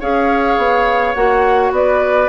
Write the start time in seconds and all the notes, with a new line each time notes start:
0.00 C#4 G#4 C#5 F5
0.57 B3
1.14 A#3 F#4 F#5
1.71 B3 B4 D5